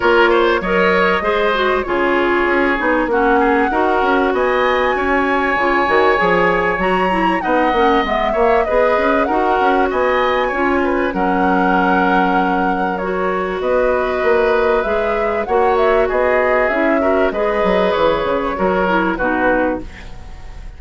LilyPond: <<
  \new Staff \with { instrumentName = "flute" } { \time 4/4 \tempo 4 = 97 cis''4 dis''2 cis''4~ | cis''4 fis''2 gis''4~ | gis''2. ais''4 | fis''4 e''4 dis''4 fis''4 |
gis''2 fis''2~ | fis''4 cis''4 dis''2 | e''4 fis''8 e''8 dis''4 e''4 | dis''4 cis''2 b'4 | }
  \new Staff \with { instrumentName = "oboe" } { \time 4/4 ais'8 c''8 cis''4 c''4 gis'4~ | gis'4 fis'8 gis'8 ais'4 dis''4 | cis''1 | dis''4. cis''8 b'4 ais'4 |
dis''4 cis''8 b'8 ais'2~ | ais'2 b'2~ | b'4 cis''4 gis'4. ais'8 | b'2 ais'4 fis'4 | }
  \new Staff \with { instrumentName = "clarinet" } { \time 4/4 f'4 ais'4 gis'8 fis'8 f'4~ | f'8 dis'8 cis'4 fis'2~ | fis'4 f'8 fis'8 gis'4 fis'8 e'8 | dis'8 cis'8 b8 ais8 gis'4 fis'4~ |
fis'4 f'4 cis'2~ | cis'4 fis'2. | gis'4 fis'2 e'8 fis'8 | gis'2 fis'8 e'8 dis'4 | }
  \new Staff \with { instrumentName = "bassoon" } { \time 4/4 ais4 fis4 gis4 cis4 | cis'8 b8 ais4 dis'8 cis'8 b4 | cis'4 cis8 dis8 f4 fis4 | b8 ais8 gis8 ais8 b8 cis'8 dis'8 cis'8 |
b4 cis'4 fis2~ | fis2 b4 ais4 | gis4 ais4 b4 cis'4 | gis8 fis8 e8 cis8 fis4 b,4 | }
>>